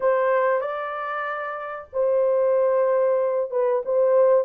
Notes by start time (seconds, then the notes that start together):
0.00 C5
0.60 D5
1.93 C5
3.50 B4
3.85 C5